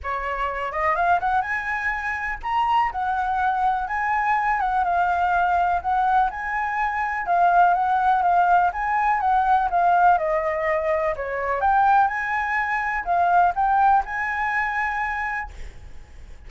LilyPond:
\new Staff \with { instrumentName = "flute" } { \time 4/4 \tempo 4 = 124 cis''4. dis''8 f''8 fis''8 gis''4~ | gis''4 ais''4 fis''2 | gis''4. fis''8 f''2 | fis''4 gis''2 f''4 |
fis''4 f''4 gis''4 fis''4 | f''4 dis''2 cis''4 | g''4 gis''2 f''4 | g''4 gis''2. | }